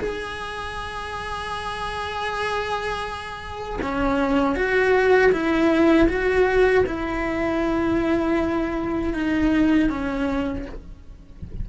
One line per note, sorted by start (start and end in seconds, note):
0.00 3.80 G#4
3.83 4.56 C#4
4.56 5.32 F#4
5.32 6.08 E4
6.09 6.85 F#4
6.86 9.14 E4
9.14 9.90 D#4
9.90 10.66 C#4